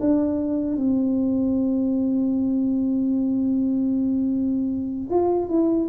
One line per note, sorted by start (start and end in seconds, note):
0.00 0.76 D4
0.76 5.09 C4
5.09 5.48 F4
5.48 5.87 E4